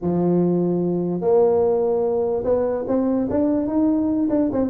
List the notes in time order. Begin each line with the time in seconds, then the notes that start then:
0.01 F3
1.21 A#3
2.44 B3
2.87 C4
3.30 D4
3.67 D#4
4.29 D4
4.52 C4